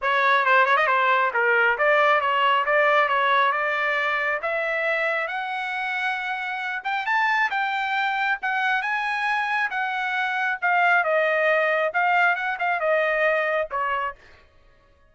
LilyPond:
\new Staff \with { instrumentName = "trumpet" } { \time 4/4 \tempo 4 = 136 cis''4 c''8 cis''16 dis''16 c''4 ais'4 | d''4 cis''4 d''4 cis''4 | d''2 e''2 | fis''2.~ fis''8 g''8 |
a''4 g''2 fis''4 | gis''2 fis''2 | f''4 dis''2 f''4 | fis''8 f''8 dis''2 cis''4 | }